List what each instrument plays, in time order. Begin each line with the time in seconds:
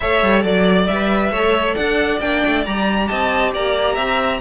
0.00 cello A3, viola A4, violin C#5 E5
0.22 cello G3
0.42 cello F#3, violin D5
0.87 cello G3, viola B4, violin E5
1.30 cello A3, viola A4, violin C#5
1.75 cello D4, violin D5 F#5
2.20 cello A#3, viola D4, violin G5
2.45 cello A3
2.65 cello G3, viola G4, violin A#5
3.07 cello C4, violin D#5 A5
3.53 cello A#3, violin D5 A#5
3.94 cello C4, violin E5